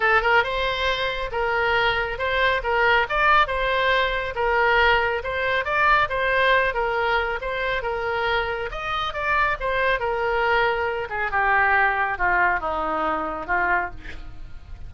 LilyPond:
\new Staff \with { instrumentName = "oboe" } { \time 4/4 \tempo 4 = 138 a'8 ais'8 c''2 ais'4~ | ais'4 c''4 ais'4 d''4 | c''2 ais'2 | c''4 d''4 c''4. ais'8~ |
ais'4 c''4 ais'2 | dis''4 d''4 c''4 ais'4~ | ais'4. gis'8 g'2 | f'4 dis'2 f'4 | }